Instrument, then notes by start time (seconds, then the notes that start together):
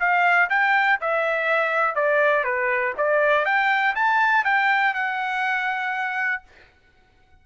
trumpet
0.00 F5
0.50 G5
1.01 E5
1.95 D5
2.44 B4
2.98 D5
3.45 G5
3.96 A5
4.45 G5
4.95 F#5